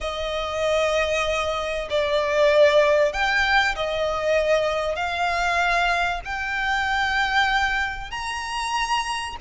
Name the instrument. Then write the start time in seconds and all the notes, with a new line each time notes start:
violin
0.01 D#5
1.89 D5
3.12 G5
3.75 D#5
4.95 F5
6.24 G5
8.11 A#5